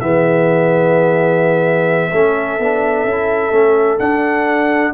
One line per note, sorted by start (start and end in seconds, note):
0.00 2.12 E3
0.00 2.11 B3
0.00 2.11 G#4
0.00 3.98 E5
2.11 2.58 A3
2.11 2.59 C#4
2.11 4.92 A4
2.58 3.04 B3
2.58 3.07 D4
3.04 3.51 C#4
3.04 3.51 E4
3.51 3.98 A3
3.51 3.98 C#4
3.99 4.93 D4
3.99 4.94 D4
3.99 4.92 F#5